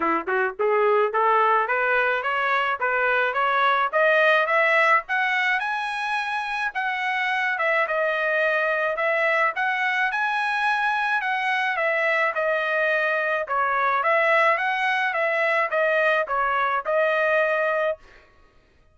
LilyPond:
\new Staff \with { instrumentName = "trumpet" } { \time 4/4 \tempo 4 = 107 e'8 fis'8 gis'4 a'4 b'4 | cis''4 b'4 cis''4 dis''4 | e''4 fis''4 gis''2 | fis''4. e''8 dis''2 |
e''4 fis''4 gis''2 | fis''4 e''4 dis''2 | cis''4 e''4 fis''4 e''4 | dis''4 cis''4 dis''2 | }